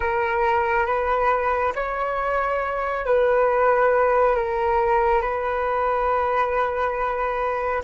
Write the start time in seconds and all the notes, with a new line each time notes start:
0.00 A#4
0.86 B4
1.75 C#5
3.05 B4
4.35 A#4
5.21 B4